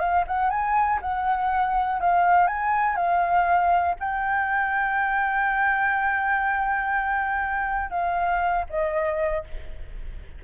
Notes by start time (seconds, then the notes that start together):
0.00 F5
0.27 F#5
0.50 G#5
1.02 F#5
2.01 F5
2.47 G#5
2.96 F5
4.00 G5
7.91 F5
8.70 D#5